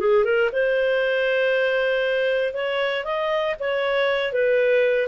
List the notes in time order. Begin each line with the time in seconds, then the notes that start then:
0.00 G#4
0.25 A#4
0.53 C5
2.54 C#5
3.05 D#5
3.60 C#5
4.33 B4